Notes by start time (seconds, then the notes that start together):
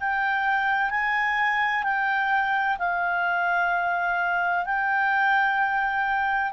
0.00 G5
0.90 G#5
1.84 G5
2.79 F5
4.66 G5